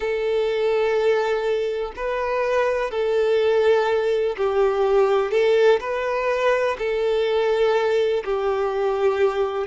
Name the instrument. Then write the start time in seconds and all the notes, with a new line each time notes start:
violin
0.00 A4
1.96 B4
2.90 A4
4.37 G4
5.31 A4
5.80 B4
6.78 A4
8.24 G4